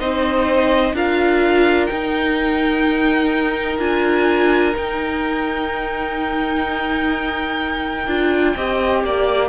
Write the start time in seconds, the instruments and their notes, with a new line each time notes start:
0.00 cello C4, viola D#4, violin C5 D#5
0.93 cello D4, viola F4, violin A#4 F5
1.87 viola D#4, cello D#4, violin G5
3.79 cello D4, viola F4, violin G#5
4.75 viola D#4, cello D#4, violin G5
8.08 cello D4, viola F4
8.56 cello C4, viola G4, violin D#5
9.04 cello A#3, violin D5